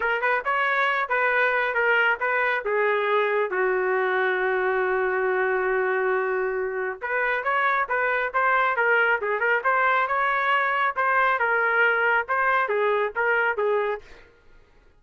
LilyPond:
\new Staff \with { instrumentName = "trumpet" } { \time 4/4 \tempo 4 = 137 ais'8 b'8 cis''4. b'4. | ais'4 b'4 gis'2 | fis'1~ | fis'1 |
b'4 cis''4 b'4 c''4 | ais'4 gis'8 ais'8 c''4 cis''4~ | cis''4 c''4 ais'2 | c''4 gis'4 ais'4 gis'4 | }